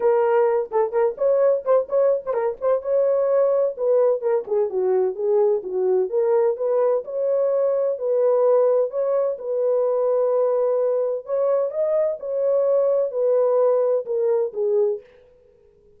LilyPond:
\new Staff \with { instrumentName = "horn" } { \time 4/4 \tempo 4 = 128 ais'4. a'8 ais'8 cis''4 c''8 | cis''8. c''16 ais'8 c''8 cis''2 | b'4 ais'8 gis'8 fis'4 gis'4 | fis'4 ais'4 b'4 cis''4~ |
cis''4 b'2 cis''4 | b'1 | cis''4 dis''4 cis''2 | b'2 ais'4 gis'4 | }